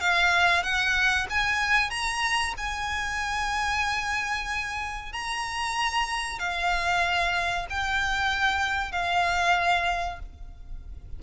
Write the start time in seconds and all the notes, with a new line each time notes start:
0.00 F5
0.63 F#5
1.30 G#5
1.90 A#5
2.57 G#5
5.13 A#5
6.39 F5
7.70 G5
8.92 F5